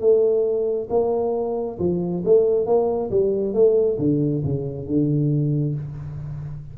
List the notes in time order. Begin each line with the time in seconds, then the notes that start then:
0.00 A3
0.90 A#3
1.79 F3
2.25 A3
2.66 A#3
3.10 G3
3.54 A3
3.98 D3
4.44 C#3
4.87 D3